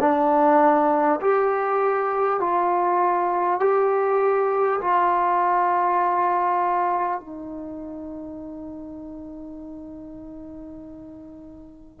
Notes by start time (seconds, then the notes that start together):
0.00 D4
1.21 G4
2.39 F4
3.59 G4
4.80 F4
7.19 D#4